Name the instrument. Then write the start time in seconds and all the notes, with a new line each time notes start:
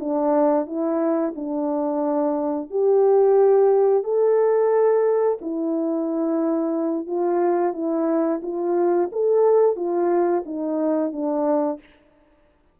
horn
0.00 D4
0.66 E4
1.36 D4
2.71 G4
4.04 A4
5.41 E4
7.07 F4
7.73 E4
8.43 F4
9.12 A4
9.76 F4
10.46 D#4
11.12 D4